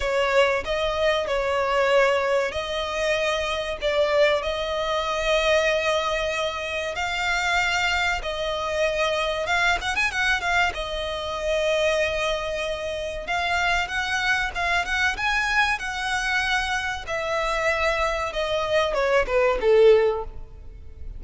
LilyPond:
\new Staff \with { instrumentName = "violin" } { \time 4/4 \tempo 4 = 95 cis''4 dis''4 cis''2 | dis''2 d''4 dis''4~ | dis''2. f''4~ | f''4 dis''2 f''8 fis''16 gis''16 |
fis''8 f''8 dis''2.~ | dis''4 f''4 fis''4 f''8 fis''8 | gis''4 fis''2 e''4~ | e''4 dis''4 cis''8 b'8 a'4 | }